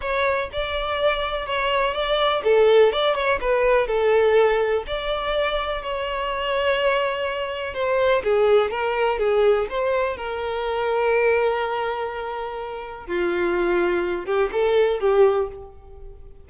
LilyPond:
\new Staff \with { instrumentName = "violin" } { \time 4/4 \tempo 4 = 124 cis''4 d''2 cis''4 | d''4 a'4 d''8 cis''8 b'4 | a'2 d''2 | cis''1 |
c''4 gis'4 ais'4 gis'4 | c''4 ais'2.~ | ais'2. f'4~ | f'4. g'8 a'4 g'4 | }